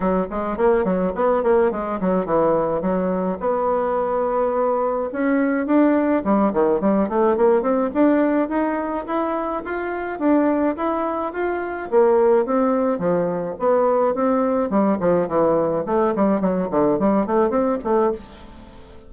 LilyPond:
\new Staff \with { instrumentName = "bassoon" } { \time 4/4 \tempo 4 = 106 fis8 gis8 ais8 fis8 b8 ais8 gis8 fis8 | e4 fis4 b2~ | b4 cis'4 d'4 g8 dis8 | g8 a8 ais8 c'8 d'4 dis'4 |
e'4 f'4 d'4 e'4 | f'4 ais4 c'4 f4 | b4 c'4 g8 f8 e4 | a8 g8 fis8 d8 g8 a8 c'8 a8 | }